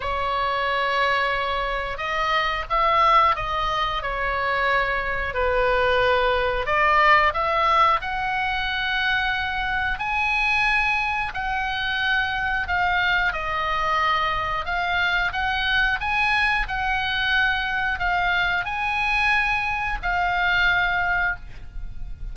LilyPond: \new Staff \with { instrumentName = "oboe" } { \time 4/4 \tempo 4 = 90 cis''2. dis''4 | e''4 dis''4 cis''2 | b'2 d''4 e''4 | fis''2. gis''4~ |
gis''4 fis''2 f''4 | dis''2 f''4 fis''4 | gis''4 fis''2 f''4 | gis''2 f''2 | }